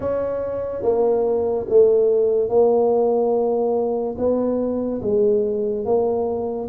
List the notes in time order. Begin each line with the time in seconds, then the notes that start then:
0.00 C#4
0.82 A#3
1.69 A3
2.48 A#3
4.17 B3
5.02 G#3
5.85 A#3